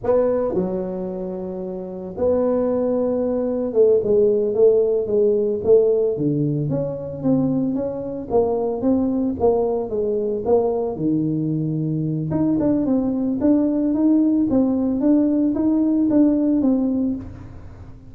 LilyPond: \new Staff \with { instrumentName = "tuba" } { \time 4/4 \tempo 4 = 112 b4 fis2. | b2. a8 gis8~ | gis8 a4 gis4 a4 d8~ | d8 cis'4 c'4 cis'4 ais8~ |
ais8 c'4 ais4 gis4 ais8~ | ais8 dis2~ dis8 dis'8 d'8 | c'4 d'4 dis'4 c'4 | d'4 dis'4 d'4 c'4 | }